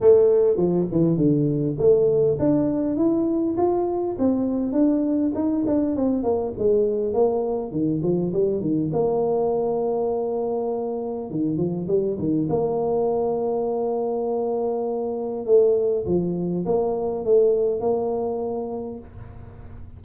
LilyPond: \new Staff \with { instrumentName = "tuba" } { \time 4/4 \tempo 4 = 101 a4 f8 e8 d4 a4 | d'4 e'4 f'4 c'4 | d'4 dis'8 d'8 c'8 ais8 gis4 | ais4 dis8 f8 g8 dis8 ais4~ |
ais2. dis8 f8 | g8 dis8 ais2.~ | ais2 a4 f4 | ais4 a4 ais2 | }